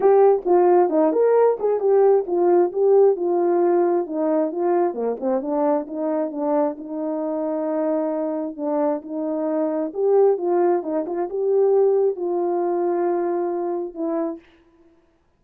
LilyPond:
\new Staff \with { instrumentName = "horn" } { \time 4/4 \tempo 4 = 133 g'4 f'4 dis'8 ais'4 gis'8 | g'4 f'4 g'4 f'4~ | f'4 dis'4 f'4 ais8 c'8 | d'4 dis'4 d'4 dis'4~ |
dis'2. d'4 | dis'2 g'4 f'4 | dis'8 f'8 g'2 f'4~ | f'2. e'4 | }